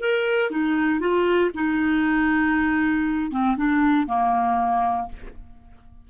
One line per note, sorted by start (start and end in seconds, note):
0.00 0.50 A#4
0.50 1.00 D#4
1.00 1.51 F4
1.54 3.31 D#4
3.31 3.56 C4
3.57 4.07 D4
4.07 5.08 A#3